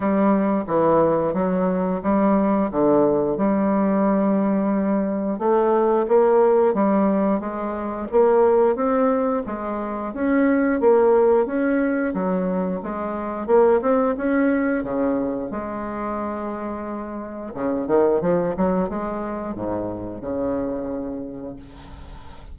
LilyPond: \new Staff \with { instrumentName = "bassoon" } { \time 4/4 \tempo 4 = 89 g4 e4 fis4 g4 | d4 g2. | a4 ais4 g4 gis4 | ais4 c'4 gis4 cis'4 |
ais4 cis'4 fis4 gis4 | ais8 c'8 cis'4 cis4 gis4~ | gis2 cis8 dis8 f8 fis8 | gis4 gis,4 cis2 | }